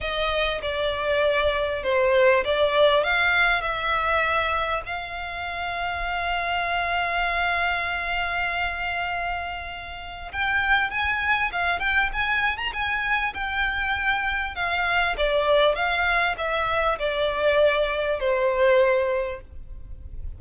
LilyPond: \new Staff \with { instrumentName = "violin" } { \time 4/4 \tempo 4 = 99 dis''4 d''2 c''4 | d''4 f''4 e''2 | f''1~ | f''1~ |
f''4 g''4 gis''4 f''8 g''8 | gis''8. ais''16 gis''4 g''2 | f''4 d''4 f''4 e''4 | d''2 c''2 | }